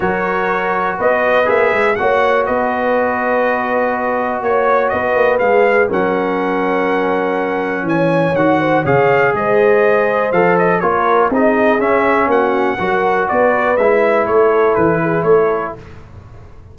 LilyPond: <<
  \new Staff \with { instrumentName = "trumpet" } { \time 4/4 \tempo 4 = 122 cis''2 dis''4 e''4 | fis''4 dis''2.~ | dis''4 cis''4 dis''4 f''4 | fis''1 |
gis''4 fis''4 f''4 dis''4~ | dis''4 f''8 dis''8 cis''4 dis''4 | e''4 fis''2 d''4 | e''4 cis''4 b'4 cis''4 | }
  \new Staff \with { instrumentName = "horn" } { \time 4/4 ais'2 b'2 | cis''4 b'2.~ | b'4 cis''4 b'2 | ais'1 |
cis''4. c''8 cis''4 c''4~ | c''2 ais'4 gis'4~ | gis'4 fis'4 ais'4 b'4~ | b'4 a'4. gis'8 a'4 | }
  \new Staff \with { instrumentName = "trombone" } { \time 4/4 fis'2. gis'4 | fis'1~ | fis'2. gis'4 | cis'1~ |
cis'4 fis'4 gis'2~ | gis'4 a'4 f'4 dis'4 | cis'2 fis'2 | e'1 | }
  \new Staff \with { instrumentName = "tuba" } { \time 4/4 fis2 b4 ais8 gis8 | ais4 b2.~ | b4 ais4 b8 ais8 gis4 | fis1 |
e4 dis4 cis4 gis4~ | gis4 f4 ais4 c'4 | cis'4 ais4 fis4 b4 | gis4 a4 e4 a4 | }
>>